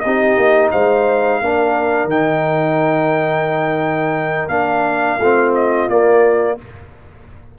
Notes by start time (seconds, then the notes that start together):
0.00 C4 D#4 G4 D#5
0.37 A#3
0.71 G#3 C5 F5
1.41 A#3 D4 A#4
2.05 D#3 D#4 G5
4.48 A#3 D4 F5
5.18 A3 C4 F4
5.55 D#5
5.89 A#3 D5